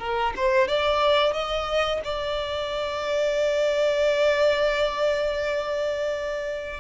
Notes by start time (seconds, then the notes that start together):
0.00 A#4
0.37 C5
0.68 D5
1.34 D#5
2.05 D5